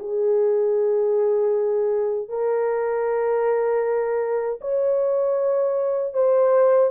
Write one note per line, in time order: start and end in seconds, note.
0.00 2.29 G#4
2.29 4.60 A#4
4.62 6.14 C#5
6.14 6.91 C5